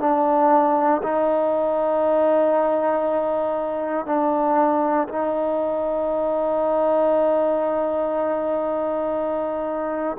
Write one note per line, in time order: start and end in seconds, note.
0.00 1.02 D4
1.03 4.06 D#4
4.06 5.08 D4
5.08 10.17 D#4